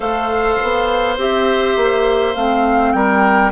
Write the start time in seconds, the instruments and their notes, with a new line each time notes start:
0.00 bassoon A3, clarinet A4, oboe C5, flute F5
0.62 bassoon B3
1.17 bassoon C4, clarinet G4, flute E5
1.76 bassoon A#3
2.35 bassoon A3, clarinet C4, flute F5
2.92 bassoon G3, oboe A#4, flute G5